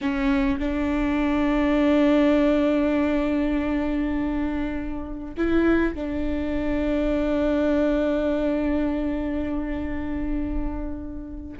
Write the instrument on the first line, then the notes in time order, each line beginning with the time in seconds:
viola
0.01 C#4
0.59 D4
5.37 E4
5.94 D4